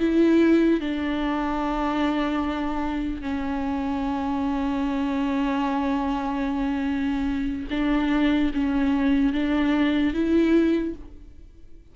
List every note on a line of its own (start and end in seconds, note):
0.00 0.81 E4
0.81 3.22 D4
3.22 7.68 C#4
7.71 8.52 D4
8.54 9.33 C#4
9.33 10.14 D4
10.14 10.95 E4